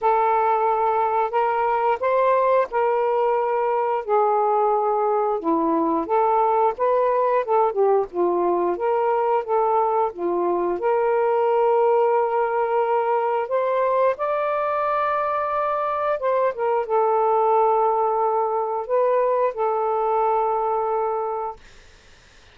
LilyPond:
\new Staff \with { instrumentName = "saxophone" } { \time 4/4 \tempo 4 = 89 a'2 ais'4 c''4 | ais'2 gis'2 | e'4 a'4 b'4 a'8 g'8 | f'4 ais'4 a'4 f'4 |
ais'1 | c''4 d''2. | c''8 ais'8 a'2. | b'4 a'2. | }